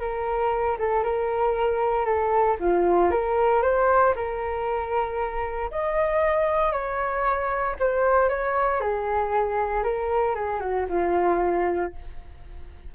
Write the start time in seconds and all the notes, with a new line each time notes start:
0.00 A#4
0.79 A4
1.04 A#4
2.06 A4
2.60 F4
3.11 A#4
3.63 C5
4.16 A#4
5.72 D#5
6.73 C#5
7.80 C5
8.29 C#5
8.81 G#4
9.84 A#4
10.36 G#4
10.61 F#4
10.89 F4